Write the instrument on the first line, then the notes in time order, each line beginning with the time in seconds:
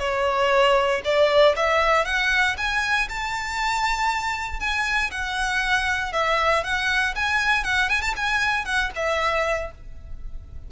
violin
0.00 C#5
1.05 D5
1.57 E5
2.05 F#5
2.58 G#5
3.09 A5
4.60 G#5
5.11 F#5
6.13 E5
6.64 F#5
7.16 G#5
7.64 F#5
7.90 G#5
8.02 A5
8.17 G#5
8.65 F#5
8.96 E5